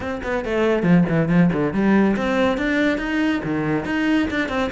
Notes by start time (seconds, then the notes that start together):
0.00 C4
0.23 B3
0.44 A3
0.82 F3
1.08 E3
1.28 F3
1.53 D3
1.73 G3
2.16 C4
2.57 D4
2.98 D#4
3.44 D#3
3.85 D#4
4.30 D4
4.48 C4